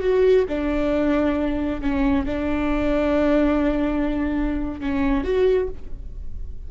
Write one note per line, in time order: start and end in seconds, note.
0.00 0.44 F#4
0.48 1.81 D4
1.81 2.25 C#4
2.25 4.80 D4
4.80 5.24 C#4
5.24 5.68 F#4